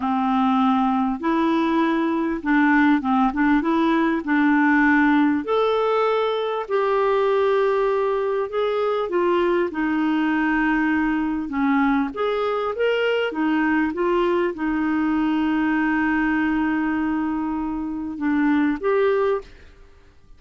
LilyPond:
\new Staff \with { instrumentName = "clarinet" } { \time 4/4 \tempo 4 = 99 c'2 e'2 | d'4 c'8 d'8 e'4 d'4~ | d'4 a'2 g'4~ | g'2 gis'4 f'4 |
dis'2. cis'4 | gis'4 ais'4 dis'4 f'4 | dis'1~ | dis'2 d'4 g'4 | }